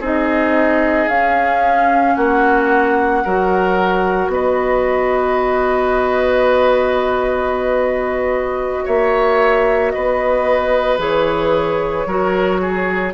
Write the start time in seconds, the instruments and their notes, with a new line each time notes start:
0.00 bassoon C4, clarinet D#4, oboe G#4, flute D#5
1.08 bassoon C#4, clarinet C#4, flute F5
2.16 bassoon A#3, oboe F#4, flute F#5
3.24 bassoon F#3, clarinet F#4, oboe A#4
4.28 bassoon B3, oboe B4, flute D#5
8.85 bassoon A#3, oboe C#5, flute E5
9.91 bassoon B3, oboe B4, flute D#5
10.99 bassoon E3, clarinet G#4, flute C#5
12.06 bassoon F#3, clarinet F#4, oboe A#4
12.61 oboe G#4